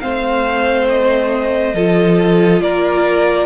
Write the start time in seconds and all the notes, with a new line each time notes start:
0.00 A3 C4 C5 F5
0.89 D#5
1.74 F3 F4 A4
2.61 A#3 A#4 D5